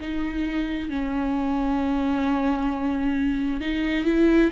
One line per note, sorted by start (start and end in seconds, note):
0.00 0.89 D#4
0.89 3.60 C#4
3.60 4.05 D#4
4.05 4.50 E4